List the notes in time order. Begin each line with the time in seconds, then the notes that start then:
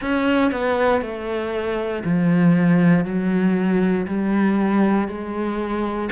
0.01 C#4
0.51 B3
1.01 A3
2.04 F3
3.04 F#3
4.07 G3
5.08 G#3